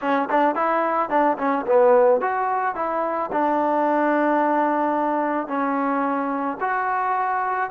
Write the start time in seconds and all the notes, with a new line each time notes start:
0.01 C#4
0.30 D4
0.55 E4
1.09 D4
1.38 C#4
1.66 B3
2.20 F#4
2.75 E4
3.32 D4
5.47 C#4
6.60 F#4